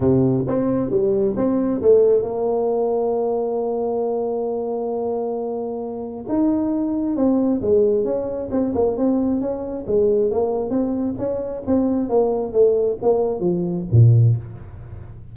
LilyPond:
\new Staff \with { instrumentName = "tuba" } { \time 4/4 \tempo 4 = 134 c4 c'4 g4 c'4 | a4 ais2.~ | ais1~ | ais2 dis'2 |
c'4 gis4 cis'4 c'8 ais8 | c'4 cis'4 gis4 ais4 | c'4 cis'4 c'4 ais4 | a4 ais4 f4 ais,4 | }